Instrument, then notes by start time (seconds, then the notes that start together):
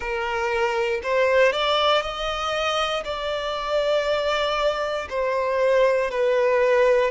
violin
0.00 A#4
1.03 C5
1.52 D5
2.02 D#5
3.04 D5
5.09 C5
6.11 B4